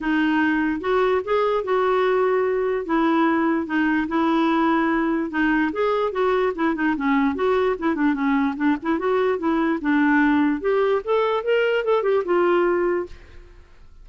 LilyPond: \new Staff \with { instrumentName = "clarinet" } { \time 4/4 \tempo 4 = 147 dis'2 fis'4 gis'4 | fis'2. e'4~ | e'4 dis'4 e'2~ | e'4 dis'4 gis'4 fis'4 |
e'8 dis'8 cis'4 fis'4 e'8 d'8 | cis'4 d'8 e'8 fis'4 e'4 | d'2 g'4 a'4 | ais'4 a'8 g'8 f'2 | }